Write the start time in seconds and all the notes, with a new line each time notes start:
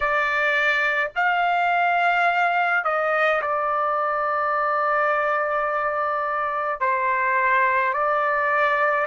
0.00 D5
1.15 F5
2.84 D#5
3.41 D5
6.80 C5
7.92 D5